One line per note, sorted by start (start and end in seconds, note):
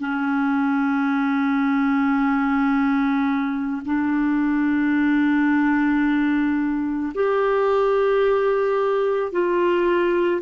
0.00 3.82 C#4
3.85 7.12 D4
7.14 9.32 G4
9.32 10.41 F4